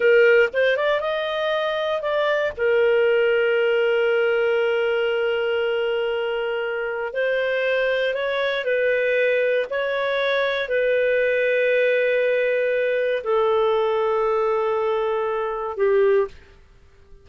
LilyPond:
\new Staff \with { instrumentName = "clarinet" } { \time 4/4 \tempo 4 = 118 ais'4 c''8 d''8 dis''2 | d''4 ais'2.~ | ais'1~ | ais'2 c''2 |
cis''4 b'2 cis''4~ | cis''4 b'2.~ | b'2 a'2~ | a'2. g'4 | }